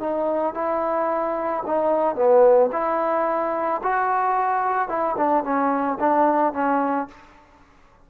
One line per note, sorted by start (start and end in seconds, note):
0.00 0.55 D#4
0.55 1.64 E4
1.66 2.15 D#4
2.15 2.70 B3
2.73 3.82 E4
3.83 4.89 F#4
4.89 5.16 E4
5.17 5.44 D4
5.44 5.99 C#4
6.00 6.53 D4
6.53 7.08 C#4